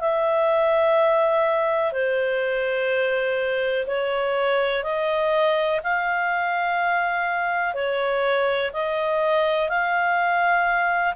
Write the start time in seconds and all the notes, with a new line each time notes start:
0.00 E5
1.92 C5
3.87 C#5
4.83 D#5
5.83 F5
7.74 C#5
8.73 D#5
9.69 F5